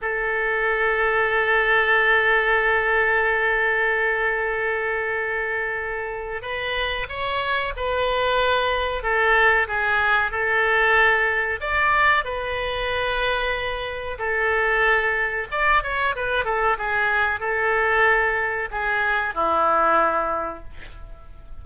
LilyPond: \new Staff \with { instrumentName = "oboe" } { \time 4/4 \tempo 4 = 93 a'1~ | a'1~ | a'2 b'4 cis''4 | b'2 a'4 gis'4 |
a'2 d''4 b'4~ | b'2 a'2 | d''8 cis''8 b'8 a'8 gis'4 a'4~ | a'4 gis'4 e'2 | }